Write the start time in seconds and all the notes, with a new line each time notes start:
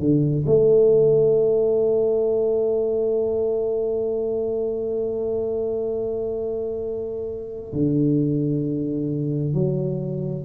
0.00 D3
0.47 A3
7.74 D3
9.55 F#3